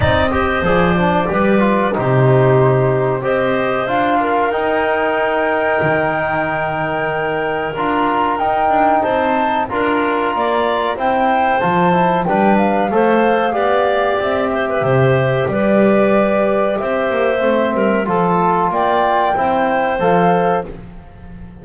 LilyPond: <<
  \new Staff \with { instrumentName = "flute" } { \time 4/4 \tempo 4 = 93 dis''4 d''2 c''4~ | c''4 dis''4 f''4 g''4~ | g''1 | ais''4 g''4 a''4 ais''4~ |
ais''4 g''4 a''4 g''8 f''8~ | f''2 e''2 | d''2 e''2 | a''4 g''2 f''4 | }
  \new Staff \with { instrumentName = "clarinet" } { \time 4/4 d''8 c''4. b'4 g'4~ | g'4 c''4. ais'4.~ | ais'1~ | ais'2 c''4 ais'4 |
d''4 c''2 b'4 | c''4 d''4. c''16 b'16 c''4 | b'2 c''4. ais'8 | a'4 d''4 c''2 | }
  \new Staff \with { instrumentName = "trombone" } { \time 4/4 dis'8 g'8 gis'8 d'8 g'8 f'8 dis'4~ | dis'4 g'4 f'4 dis'4~ | dis'1 | f'4 dis'2 f'4~ |
f'4 e'4 f'8 e'8 d'4 | a'4 g'2.~ | g'2. c'4 | f'2 e'4 a'4 | }
  \new Staff \with { instrumentName = "double bass" } { \time 4/4 c'4 f4 g4 c4~ | c4 c'4 d'4 dis'4~ | dis'4 dis2. | d'4 dis'8 d'8 c'4 d'4 |
ais4 c'4 f4 g4 | a4 b4 c'4 c4 | g2 c'8 ais8 a8 g8 | f4 ais4 c'4 f4 | }
>>